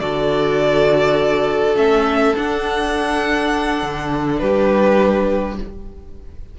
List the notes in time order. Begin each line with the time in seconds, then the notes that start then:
0.00 D3 F#4 A4 D5
1.75 A3 C#4 E5
2.36 D4 F#5
3.83 D3
4.39 G3 G4 B4